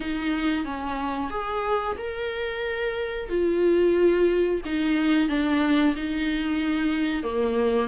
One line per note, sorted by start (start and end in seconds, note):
0.00 0.64 D#4
0.64 1.30 C#4
1.30 1.96 G#4
1.98 3.29 A#4
3.29 4.61 F4
4.65 5.29 D#4
5.29 5.95 D4
5.95 7.23 D#4
7.23 7.88 A#3